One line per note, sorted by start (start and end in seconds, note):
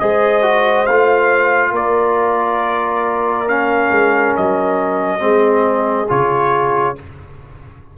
0.00 0.88 G#3
0.00 0.42 G#4
0.00 1.72 C5
0.00 0.86 D#5
0.42 0.86 F#4
0.86 1.72 A3
0.86 3.48 F4
0.86 1.73 F5
1.72 3.89 A#3
1.72 5.20 A#4
1.72 3.49 D5
3.48 5.20 C#4
3.48 4.36 F5
3.90 4.34 G#3
4.36 5.21 F#3
4.36 6.10 D#5
5.20 6.08 G#3
5.20 6.07 C4
5.20 6.96 G#4
6.09 6.98 C#3
6.09 6.96 F4
6.09 6.97 C#5